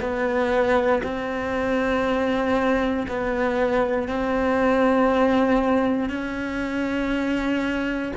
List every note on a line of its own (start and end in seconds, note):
0.00 1.02 B3
1.03 3.06 C4
3.07 4.07 B3
4.07 6.09 C4
6.09 8.12 C#4